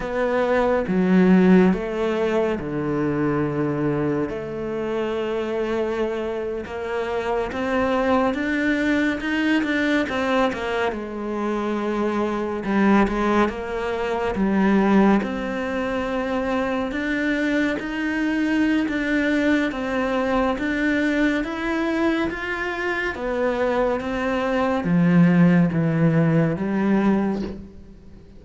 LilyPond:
\new Staff \with { instrumentName = "cello" } { \time 4/4 \tempo 4 = 70 b4 fis4 a4 d4~ | d4 a2~ a8. ais16~ | ais8. c'4 d'4 dis'8 d'8 c'16~ | c'16 ais8 gis2 g8 gis8 ais16~ |
ais8. g4 c'2 d'16~ | d'8. dis'4~ dis'16 d'4 c'4 | d'4 e'4 f'4 b4 | c'4 f4 e4 g4 | }